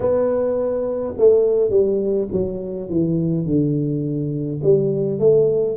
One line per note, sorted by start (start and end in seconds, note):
0.00 1.14 B3
1.17 1.70 A3
1.70 2.28 G3
2.32 2.89 F#3
2.89 3.45 E3
3.45 4.60 D3
4.63 5.19 G3
5.19 5.76 A3